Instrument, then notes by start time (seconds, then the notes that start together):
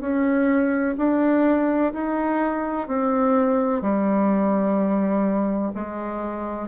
bassoon
0.00 C#4
0.97 D4
1.93 D#4
2.87 C4
3.81 G3
5.75 G#3